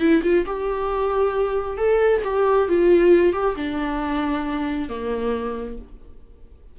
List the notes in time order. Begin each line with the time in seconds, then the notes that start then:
0.00 E4
0.23 F4
0.46 G4
1.78 A4
2.24 G4
2.69 F4
3.33 G4
3.56 D4
4.89 A#3